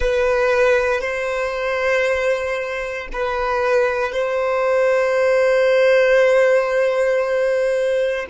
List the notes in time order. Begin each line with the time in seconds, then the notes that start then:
0.00 B4
1.00 C5
3.12 B4
4.12 C5